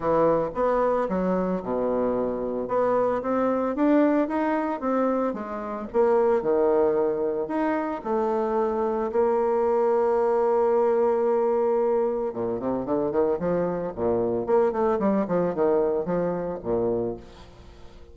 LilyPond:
\new Staff \with { instrumentName = "bassoon" } { \time 4/4 \tempo 4 = 112 e4 b4 fis4 b,4~ | b,4 b4 c'4 d'4 | dis'4 c'4 gis4 ais4 | dis2 dis'4 a4~ |
a4 ais2.~ | ais2. ais,8 c8 | d8 dis8 f4 ais,4 ais8 a8 | g8 f8 dis4 f4 ais,4 | }